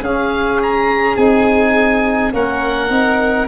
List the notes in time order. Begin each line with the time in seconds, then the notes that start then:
0.00 C#4 G#4 F5
0.62 A#5
1.17 C4 D#4 G#5
2.33 A#3 C#4 A#4 F#5
2.90 C4 D#4